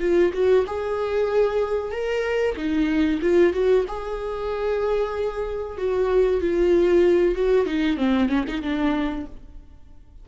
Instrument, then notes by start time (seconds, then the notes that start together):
viola
0.00 F4
0.33 F#4
0.67 G#4
1.91 A#4
2.57 D#4
3.22 F4
3.53 F#4
3.88 G#4
5.78 F#4
6.41 F4
7.35 F#4
7.66 D#4
7.97 C4
8.29 C#4
8.47 D#4
8.62 D4